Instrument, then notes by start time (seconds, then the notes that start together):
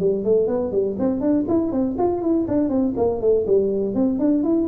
tuba
0.00 G3
0.24 A3
0.48 B3
0.72 G3
0.99 C4
1.21 D4
1.48 E4
1.72 C4
1.99 F4
2.22 E4
2.48 D4
2.69 C4
2.97 A#3
3.21 A3
3.47 G3
3.95 C4
4.19 D4
4.44 E4